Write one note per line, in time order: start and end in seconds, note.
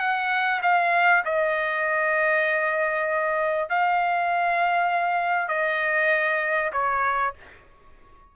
0.00 0.61 F#5
0.63 1.24 F5
1.26 3.70 D#5
3.70 5.49 F5
5.49 6.71 D#5
6.73 7.34 C#5